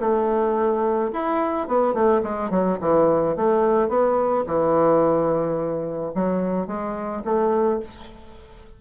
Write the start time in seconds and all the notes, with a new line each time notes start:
0.00 A3
1.13 E4
1.68 B3
1.94 A3
2.23 G#3
2.50 F#3
2.81 E3
3.36 A3
3.89 B3
4.46 E3
6.15 F#3
6.67 G#3
7.24 A3